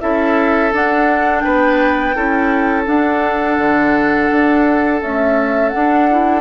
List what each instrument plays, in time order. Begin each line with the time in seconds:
0.00 bassoon C#4, clarinet E4, oboe A4, flute E5
0.72 clarinet D4, bassoon D4, flute F#5
1.40 bassoon B3, oboe B4, flute G5
2.15 bassoon C#4, clarinet E4, oboe A4
2.86 clarinet D4, bassoon D4, flute F#5
3.58 bassoon D3
4.31 bassoon D4
5.02 clarinet A3, bassoon C#4, flute E5
5.69 clarinet D4, bassoon D4, flute F#5
6.10 clarinet E4